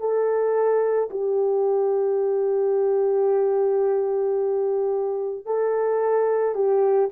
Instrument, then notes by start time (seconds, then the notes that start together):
horn
0.00 A4
1.11 G4
5.45 A4
6.55 G4